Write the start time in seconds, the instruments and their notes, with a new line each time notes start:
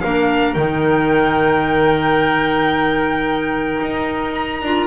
0.00 double bass A#3, clarinet D4, oboe A#4, violin F5
0.53 double bass D#3, clarinet D#4, violin G5
3.81 double bass D#4
4.32 violin A#5
4.62 double bass D4, clarinet F4